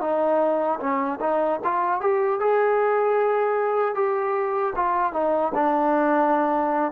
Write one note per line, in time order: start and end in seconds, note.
0.00 0.79 D#4
0.79 1.19 C#4
1.20 1.59 D#4
1.64 2.01 F4
2.01 2.40 G4
2.40 3.94 G#4
3.94 4.73 G4
4.75 5.12 F4
5.12 5.52 D#4
5.54 6.92 D4